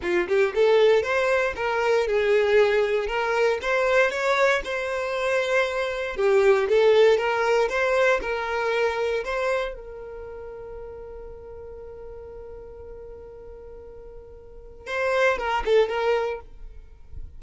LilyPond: \new Staff \with { instrumentName = "violin" } { \time 4/4 \tempo 4 = 117 f'8 g'8 a'4 c''4 ais'4 | gis'2 ais'4 c''4 | cis''4 c''2. | g'4 a'4 ais'4 c''4 |
ais'2 c''4 ais'4~ | ais'1~ | ais'1~ | ais'4 c''4 ais'8 a'8 ais'4 | }